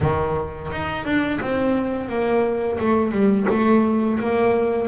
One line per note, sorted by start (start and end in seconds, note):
0.00 0.70 D#3
0.71 1.04 D#4
1.04 1.39 D4
1.40 2.08 C4
2.08 2.78 A#3
2.79 3.11 A3
3.11 3.46 G3
3.49 4.19 A3
4.19 4.87 A#3